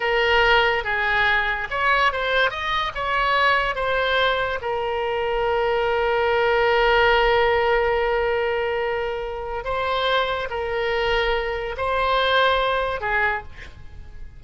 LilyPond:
\new Staff \with { instrumentName = "oboe" } { \time 4/4 \tempo 4 = 143 ais'2 gis'2 | cis''4 c''4 dis''4 cis''4~ | cis''4 c''2 ais'4~ | ais'1~ |
ais'1~ | ais'2. c''4~ | c''4 ais'2. | c''2. gis'4 | }